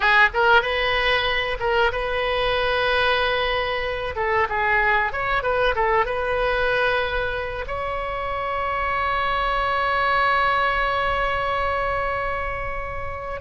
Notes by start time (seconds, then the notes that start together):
0.00 G#4
0.33 A#4
0.62 B4
1.59 A#4
1.91 B4
4.15 A4
4.49 G#4
5.12 C#5
5.43 B4
5.75 A4
6.05 B4
7.67 C#5